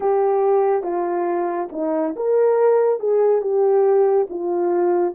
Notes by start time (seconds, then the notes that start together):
0.00 G4
0.83 F4
1.72 D#4
2.16 A#4
2.99 G#4
3.41 G4
4.29 F4